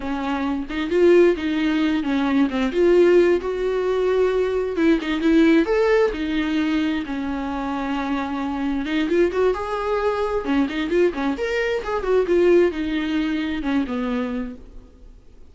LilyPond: \new Staff \with { instrumentName = "viola" } { \time 4/4 \tempo 4 = 132 cis'4. dis'8 f'4 dis'4~ | dis'8 cis'4 c'8 f'4. fis'8~ | fis'2~ fis'8 e'8 dis'8 e'8~ | e'8 a'4 dis'2 cis'8~ |
cis'2.~ cis'8 dis'8 | f'8 fis'8 gis'2 cis'8 dis'8 | f'8 cis'8 ais'4 gis'8 fis'8 f'4 | dis'2 cis'8 b4. | }